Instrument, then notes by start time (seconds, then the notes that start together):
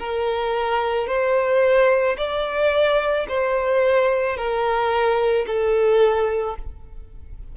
violin
0.00 A#4
1.08 C5
2.18 D5
3.29 C5
4.37 A#4
5.47 A4